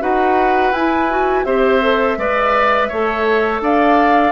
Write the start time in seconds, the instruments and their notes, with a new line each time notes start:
0.00 bassoon D#4, clarinet F#4, oboe B4, flute F#5
0.71 bassoon E4, clarinet E4, flute G#5
1.09 clarinet F#4
1.44 bassoon C4, clarinet G4, oboe C5, flute E5
1.81 clarinet A4
2.17 bassoon G#3, clarinet B4, oboe D5
2.88 bassoon A3, clarinet A4, oboe C#5
3.61 bassoon D4, oboe D5, flute F5